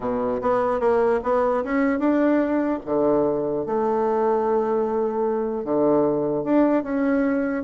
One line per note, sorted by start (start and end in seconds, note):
0.00 0.40 B2
0.41 0.80 B3
0.80 1.20 A#3
1.23 1.63 B3
1.63 1.99 C#4
1.99 2.79 D4
2.85 3.66 D3
3.66 5.64 A3
5.64 6.44 D3
6.44 6.83 D4
6.83 7.63 C#4